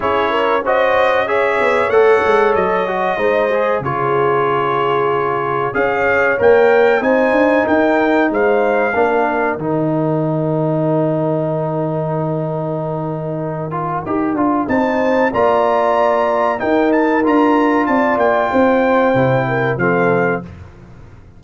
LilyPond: <<
  \new Staff \with { instrumentName = "trumpet" } { \time 4/4 \tempo 4 = 94 cis''4 dis''4 e''4 fis''4 | dis''2 cis''2~ | cis''4 f''4 g''4 gis''4 | g''4 f''2 g''4~ |
g''1~ | g''2. a''4 | ais''2 g''8 a''8 ais''4 | a''8 g''2~ g''8 f''4 | }
  \new Staff \with { instrumentName = "horn" } { \time 4/4 gis'8 ais'8 c''4 cis''2~ | cis''4 c''4 gis'2~ | gis'4 cis''2 c''4 | ais'4 c''4 ais'2~ |
ais'1~ | ais'2. c''4 | d''2 ais'2 | d''4 c''4. ais'8 a'4 | }
  \new Staff \with { instrumentName = "trombone" } { \time 4/4 e'4 fis'4 gis'4 a'4~ | a'8 fis'8 dis'8 gis'8 f'2~ | f'4 gis'4 ais'4 dis'4~ | dis'2 d'4 dis'4~ |
dis'1~ | dis'4. f'8 g'8 f'8 dis'4 | f'2 dis'4 f'4~ | f'2 e'4 c'4 | }
  \new Staff \with { instrumentName = "tuba" } { \time 4/4 cis'2~ cis'8 b8 a8 gis8 | fis4 gis4 cis2~ | cis4 cis'4 ais4 c'8 d'8 | dis'4 gis4 ais4 dis4~ |
dis1~ | dis2 dis'8 d'8 c'4 | ais2 dis'4 d'4 | c'8 ais8 c'4 c4 f4 | }
>>